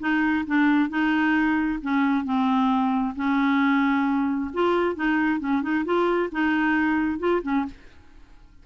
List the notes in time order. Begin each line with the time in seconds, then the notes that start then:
0.00 D#4
0.47 D4
0.89 D#4
1.82 C#4
2.24 C4
3.16 C#4
4.53 F4
4.95 D#4
5.40 C#4
5.62 D#4
5.85 F4
6.32 D#4
7.19 F4
7.43 C#4